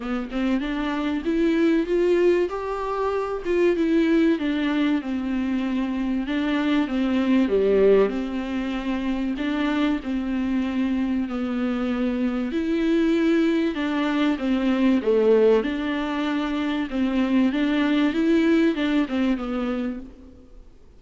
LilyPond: \new Staff \with { instrumentName = "viola" } { \time 4/4 \tempo 4 = 96 b8 c'8 d'4 e'4 f'4 | g'4. f'8 e'4 d'4 | c'2 d'4 c'4 | g4 c'2 d'4 |
c'2 b2 | e'2 d'4 c'4 | a4 d'2 c'4 | d'4 e'4 d'8 c'8 b4 | }